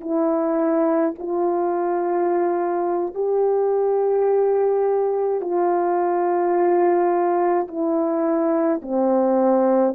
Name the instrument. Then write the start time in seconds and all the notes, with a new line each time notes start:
horn
0.00 E4
1.18 F4
3.14 G4
5.41 F4
7.67 E4
8.82 C4